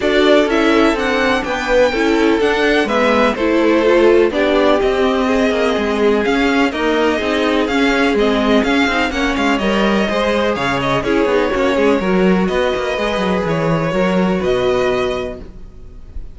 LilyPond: <<
  \new Staff \with { instrumentName = "violin" } { \time 4/4 \tempo 4 = 125 d''4 e''4 fis''4 g''4~ | g''4 fis''4 e''4 c''4~ | c''4 d''4 dis''2~ | dis''4 f''4 dis''2 |
f''4 dis''4 f''4 fis''8 f''8 | dis''2 f''8 dis''8 cis''4~ | cis''2 dis''2 | cis''2 dis''2 | }
  \new Staff \with { instrumentName = "violin" } { \time 4/4 a'2. b'4 | a'2 b'4 a'4~ | a'4 g'2 gis'4~ | gis'2 ais'4 gis'4~ |
gis'2. cis''4~ | cis''4 c''4 cis''4 gis'4 | fis'8 gis'8 ais'4 b'2~ | b'4 ais'4 b'2 | }
  \new Staff \with { instrumentName = "viola" } { \time 4/4 fis'4 e'4 d'2 | e'4 d'4 b4 e'4 | f'4 d'4 c'2~ | c'4 cis'4 ais4 dis'4 |
cis'4 c'4 cis'8 dis'8 cis'4 | ais'4 gis'2 e'8 dis'8 | cis'4 fis'2 gis'4~ | gis'4 fis'2. | }
  \new Staff \with { instrumentName = "cello" } { \time 4/4 d'4 cis'4 c'4 b4 | cis'4 d'4 gis4 a4~ | a4 b4 c'4. ais8 | gis4 cis'4 dis'4 c'4 |
cis'4 gis4 cis'8 c'8 ais8 gis8 | g4 gis4 cis4 cis'8 b8 | ais8 gis8 fis4 b8 ais8 gis8 fis8 | e4 fis4 b,2 | }
>>